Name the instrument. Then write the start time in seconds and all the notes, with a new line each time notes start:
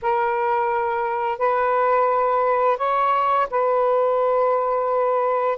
saxophone
0.02 A#4
1.38 B4
2.77 C#5
3.50 B4